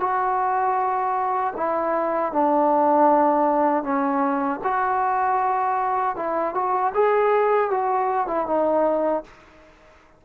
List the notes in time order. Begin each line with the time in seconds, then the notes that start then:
0.00 F#4
1.57 E4
2.33 D4
3.84 C#4
4.64 F#4
6.16 E4
6.55 F#4
6.94 G#4
7.70 F#4
8.27 E4
8.47 D#4